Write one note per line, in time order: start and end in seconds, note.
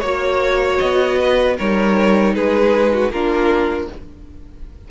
0.00 0.79 A#3
0.00 1.57 F#4
0.00 0.77 C#5
0.00 1.18 C#5
0.78 1.59 B3
0.78 1.55 D#5
1.18 1.57 B4
1.57 2.36 G3
1.57 3.12 D#4
1.57 2.34 A#4
1.57 2.35 C#5
2.35 3.11 G#3
2.35 2.92 G#4
2.35 3.12 B4
2.93 3.12 F#4
3.11 3.88 A#3
3.11 3.91 D4
3.11 3.90 F4
3.11 3.89 A#4